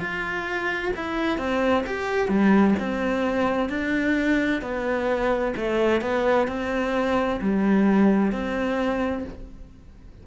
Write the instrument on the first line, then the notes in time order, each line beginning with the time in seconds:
cello
0.00 F4
0.96 E4
1.38 C4
1.87 G4
2.28 G3
2.79 C4
3.69 D4
4.62 B3
5.57 A3
6.01 B3
6.47 C4
7.41 G3
8.32 C4